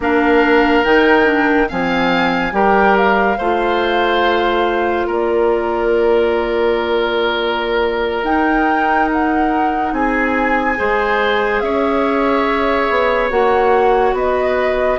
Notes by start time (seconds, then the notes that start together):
0.00 A#3 D4 A#4 F5
0.84 D#3 D#4 G5
1.24 D4
1.68 F3 C4 F5 G#5
2.52 G3 G4 A#4 G5
2.97 F5
3.38 A3 F4 C5
5.06 A#3 A#4 D5
8.23 D#4 G5
9.12 F#5
9.92 C4 G#4 G#5
10.76 G#3 G#4 C5
11.60 C#4 C#5 E5
12.89 B3
13.30 A#3 F#4 F#5
14.12 B3 B4 D#5